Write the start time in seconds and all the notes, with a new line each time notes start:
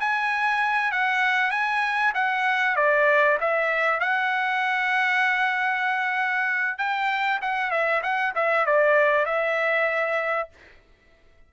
0.00 G#5
0.91 F#5
1.51 G#5
2.15 F#5
2.76 D5
3.40 E5
4.00 F#5
6.78 G5
7.42 F#5
7.70 E5
8.02 F#5
8.35 E5
8.66 D5
9.26 E5